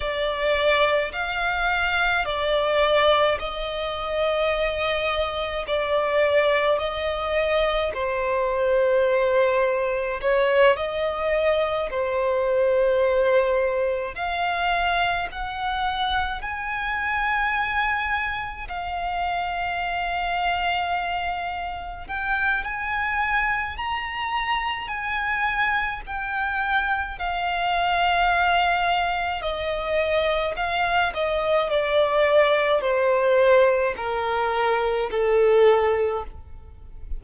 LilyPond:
\new Staff \with { instrumentName = "violin" } { \time 4/4 \tempo 4 = 53 d''4 f''4 d''4 dis''4~ | dis''4 d''4 dis''4 c''4~ | c''4 cis''8 dis''4 c''4.~ | c''8 f''4 fis''4 gis''4.~ |
gis''8 f''2. g''8 | gis''4 ais''4 gis''4 g''4 | f''2 dis''4 f''8 dis''8 | d''4 c''4 ais'4 a'4 | }